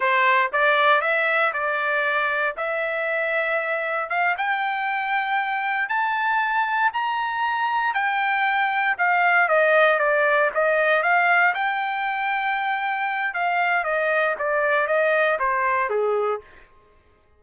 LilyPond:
\new Staff \with { instrumentName = "trumpet" } { \time 4/4 \tempo 4 = 117 c''4 d''4 e''4 d''4~ | d''4 e''2. | f''8 g''2. a''8~ | a''4. ais''2 g''8~ |
g''4. f''4 dis''4 d''8~ | d''8 dis''4 f''4 g''4.~ | g''2 f''4 dis''4 | d''4 dis''4 c''4 gis'4 | }